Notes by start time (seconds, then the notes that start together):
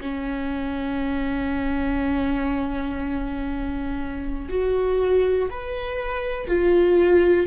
0.00 C#4
4.49 F#4
5.50 B4
6.47 F4